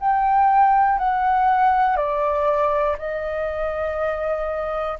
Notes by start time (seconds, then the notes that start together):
0.00 G5
0.99 F#5
1.96 D5
2.99 D#5